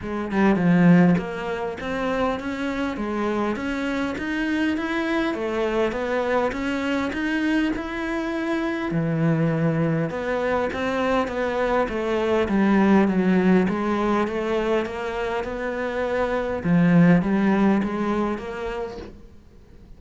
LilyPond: \new Staff \with { instrumentName = "cello" } { \time 4/4 \tempo 4 = 101 gis8 g8 f4 ais4 c'4 | cis'4 gis4 cis'4 dis'4 | e'4 a4 b4 cis'4 | dis'4 e'2 e4~ |
e4 b4 c'4 b4 | a4 g4 fis4 gis4 | a4 ais4 b2 | f4 g4 gis4 ais4 | }